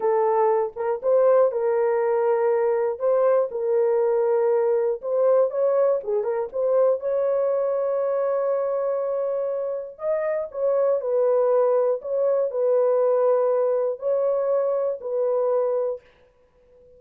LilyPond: \new Staff \with { instrumentName = "horn" } { \time 4/4 \tempo 4 = 120 a'4. ais'8 c''4 ais'4~ | ais'2 c''4 ais'4~ | ais'2 c''4 cis''4 | gis'8 ais'8 c''4 cis''2~ |
cis''1 | dis''4 cis''4 b'2 | cis''4 b'2. | cis''2 b'2 | }